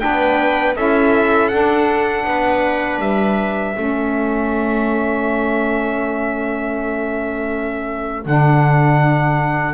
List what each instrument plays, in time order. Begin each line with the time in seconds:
0.00 double bass B3, saxophone D4, viola B4, trumpet G5
0.76 double bass C#4, saxophone E4, viola A4, trumpet E5
1.49 saxophone D4, double bass D4, trumpet F#5
2.24 double bass B3, viola B4
2.98 double bass G3, trumpet E5
3.74 double bass A3, saxophone C#4, viola A4
8.26 double bass D3, saxophone D4, trumpet F#5